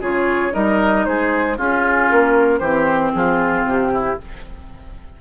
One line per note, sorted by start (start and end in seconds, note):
0.00 0.52 C#3
0.00 0.51 F4
0.00 0.53 G#4
0.00 0.53 C#5
0.51 1.06 G3
0.51 1.55 D#4
0.51 1.05 A#4
0.51 1.05 D#5
1.05 1.57 G#3
1.05 1.57 G#4
1.05 1.57 C5
1.57 2.10 C#4
1.57 2.63 C#4
1.57 2.59 F4
1.57 2.10 G#4
2.10 2.60 A#3
2.10 2.58 A#4
2.58 3.12 E3
2.58 4.19 C4
2.58 3.11 G4
2.58 3.11 C5
3.13 3.63 F3
3.13 3.92 F4
3.13 3.65 G#4
3.63 4.16 C3
3.63 4.21 G4
3.92 4.18 E4